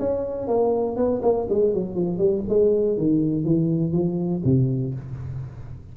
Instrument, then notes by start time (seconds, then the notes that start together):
tuba
0.00 C#4
0.48 A#3
0.96 B3
1.23 A#3
1.50 G#3
1.74 F#3
1.95 F3
2.18 G3
2.49 G#3
2.98 D#3
3.45 E3
3.93 F3
4.45 C3